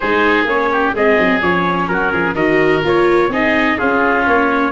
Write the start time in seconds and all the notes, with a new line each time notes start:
0.00 G#3 D#4 G#4 C5
0.44 A#3 C#4 C#5
0.72 G4
0.94 G#3 C4 G#4 D#5
1.19 F#3
1.41 F3 C#4 C#5
1.87 F#3 F#4 A#4
2.12 F3 G#4
2.33 D#3 F#4 A#4 D#5
2.82 A#3 F4 C#5
3.28 C4 D#4 G#4 D#5
3.78 C#4 F4 G#4
4.26 A#3 C#5